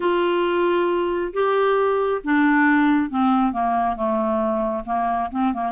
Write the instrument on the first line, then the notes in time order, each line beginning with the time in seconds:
clarinet
0.00 F4
1.33 G4
2.24 D4
3.10 C4
3.52 A#3
3.95 A3
4.85 A#3
5.31 C4
5.53 A#3